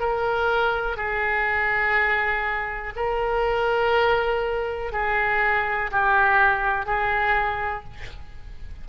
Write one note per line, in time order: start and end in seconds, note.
0.00 0.97 A#4
0.97 2.94 G#4
2.96 4.93 A#4
4.93 5.91 G#4
5.92 6.86 G4
6.86 7.85 G#4